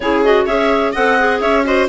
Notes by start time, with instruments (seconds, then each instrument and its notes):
0.00 bassoon C#3, clarinet E4 C#5, viola G#4
0.24 clarinet F#4 D#5
0.46 bassoon C#4, clarinet G#4 E5, viola C#5
0.92 bassoon C4, clarinet A4 F#5, viola D#5
1.19 clarinet G#4
1.40 bassoon C#4, viola C#5, clarinet E5
1.64 clarinet F#4 D#5, viola C5